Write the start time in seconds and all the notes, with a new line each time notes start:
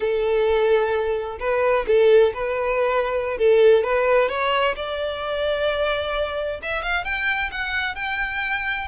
0.00 A4
1.39 B4
1.87 A4
2.34 B4
3.38 A4
3.83 B4
4.28 C#5
4.75 D5
6.62 E5
6.82 F5
7.04 G5
7.51 F#5
7.95 G5